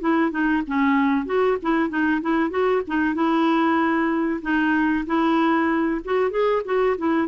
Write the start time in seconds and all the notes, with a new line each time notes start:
0.00 E4
0.31 D#4
0.67 C#4
1.25 F#4
1.62 E4
1.89 D#4
2.21 E4
2.50 F#4
2.87 D#4
3.14 E4
4.42 D#4
5.06 E4
6.04 F#4
6.30 G#4
6.65 F#4
6.98 E4